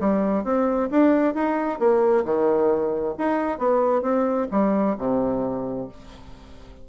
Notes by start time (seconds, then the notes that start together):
0.00 G3
0.44 C4
0.91 D4
1.35 D#4
1.79 A#3
2.25 D#3
3.18 D#4
3.58 B3
4.02 C4
4.51 G3
4.98 C3